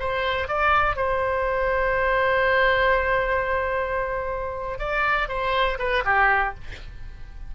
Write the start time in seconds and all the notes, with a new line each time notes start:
0.00 C5
0.49 D5
0.97 C5
4.79 D5
5.29 C5
5.79 B4
6.05 G4